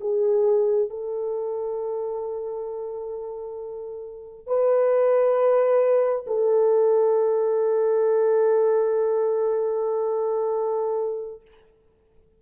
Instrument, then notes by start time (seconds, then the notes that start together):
horn
0.00 G#4
0.89 A4
4.46 B4
6.26 A4